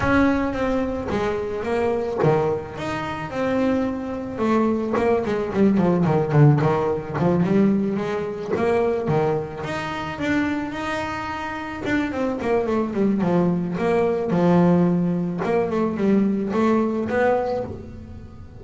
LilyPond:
\new Staff \with { instrumentName = "double bass" } { \time 4/4 \tempo 4 = 109 cis'4 c'4 gis4 ais4 | dis4 dis'4 c'2 | a4 ais8 gis8 g8 f8 dis8 d8 | dis4 f8 g4 gis4 ais8~ |
ais8 dis4 dis'4 d'4 dis'8~ | dis'4. d'8 c'8 ais8 a8 g8 | f4 ais4 f2 | ais8 a8 g4 a4 b4 | }